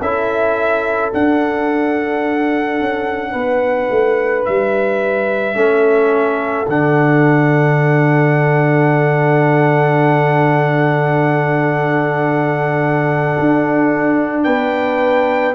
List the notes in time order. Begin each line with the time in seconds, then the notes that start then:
0.00 C#4 E4 A4 E5
1.12 D4 F#5
2.80 C#4
3.32 B3 B4
3.91 A3
4.45 G3 E5
5.54 A3 C#4 A4
6.68 D3 D4 F#5
13.39 D4
14.44 B3 B4 G5